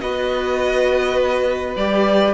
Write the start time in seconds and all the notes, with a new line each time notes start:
0.00 B3 F#4 B4 D#5
1.75 G3 G4 D5